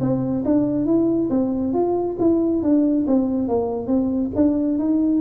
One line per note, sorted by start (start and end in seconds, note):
0.00 0.43 C4
0.45 0.85 D4
0.85 1.29 E4
1.30 1.73 C4
1.73 2.17 F4
2.19 2.62 E4
2.62 3.06 D4
3.07 3.48 C4
3.48 3.87 A#3
3.87 4.30 C4
4.35 4.78 D4
4.78 5.21 D#4